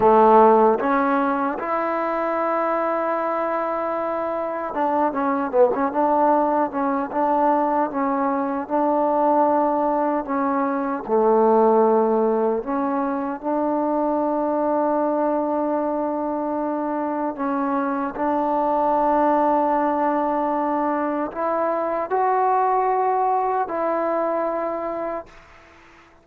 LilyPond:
\new Staff \with { instrumentName = "trombone" } { \time 4/4 \tempo 4 = 76 a4 cis'4 e'2~ | e'2 d'8 cis'8 b16 cis'16 d'8~ | d'8 cis'8 d'4 cis'4 d'4~ | d'4 cis'4 a2 |
cis'4 d'2.~ | d'2 cis'4 d'4~ | d'2. e'4 | fis'2 e'2 | }